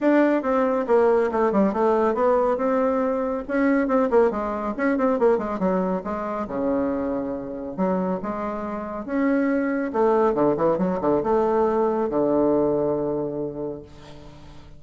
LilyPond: \new Staff \with { instrumentName = "bassoon" } { \time 4/4 \tempo 4 = 139 d'4 c'4 ais4 a8 g8 | a4 b4 c'2 | cis'4 c'8 ais8 gis4 cis'8 c'8 | ais8 gis8 fis4 gis4 cis4~ |
cis2 fis4 gis4~ | gis4 cis'2 a4 | d8 e8 fis8 d8 a2 | d1 | }